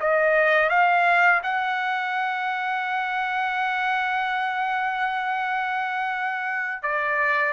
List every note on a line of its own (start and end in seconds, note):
0.00 0.69 D#5
0.69 1.41 F5
1.43 6.82 F#5
6.82 7.52 D5